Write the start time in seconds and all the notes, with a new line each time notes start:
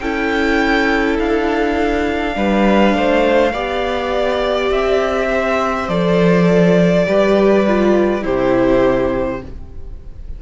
0.00 C#4 E4 A4 G5
1.19 D4 F5
2.34 G3 D4 B4
2.95 A3 C5
3.53 B3 G4 D5
4.71 C4 E5
5.29 C5
5.89 F3 A4 D5
7.07 G3 G4 B4
7.68 F4
8.22 C3 E4 G4 C5